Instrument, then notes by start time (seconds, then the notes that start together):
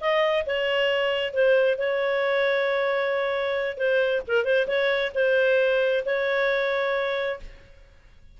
clarinet
0.00 D#5
0.46 C#5
1.33 C5
1.78 C#5
3.77 C5
4.27 A#4
4.44 C5
4.67 C#5
5.14 C5
6.05 C#5